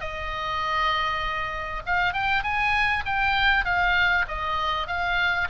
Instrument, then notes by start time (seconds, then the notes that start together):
oboe
0.00 D#5
1.86 F5
2.13 G5
2.43 G#5
3.05 G5
3.64 F5
4.28 D#5
4.87 F5